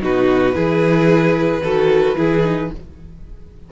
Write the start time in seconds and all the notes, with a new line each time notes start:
0.00 B2 D#4 F#4 B4
0.52 E3 E4 G#4
1.60 D#3 F#4 A4
2.15 E3 E4 G#4
2.42 D#4